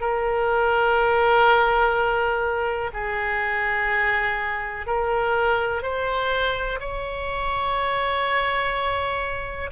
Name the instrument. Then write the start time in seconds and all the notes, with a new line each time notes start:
oboe
0.00 A#4
2.93 G#4
4.86 A#4
5.82 C5
6.80 C#5